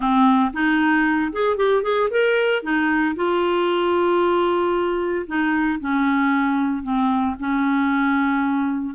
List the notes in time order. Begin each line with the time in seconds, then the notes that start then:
0.00 C4
0.53 D#4
1.32 G#4
1.56 G4
1.83 G#4
2.10 A#4
2.62 D#4
3.15 F4
5.26 D#4
5.80 C#4
6.83 C4
7.39 C#4